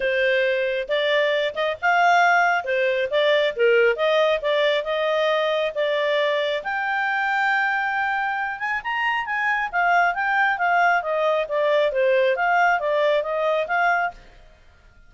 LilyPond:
\new Staff \with { instrumentName = "clarinet" } { \time 4/4 \tempo 4 = 136 c''2 d''4. dis''8 | f''2 c''4 d''4 | ais'4 dis''4 d''4 dis''4~ | dis''4 d''2 g''4~ |
g''2.~ g''8 gis''8 | ais''4 gis''4 f''4 g''4 | f''4 dis''4 d''4 c''4 | f''4 d''4 dis''4 f''4 | }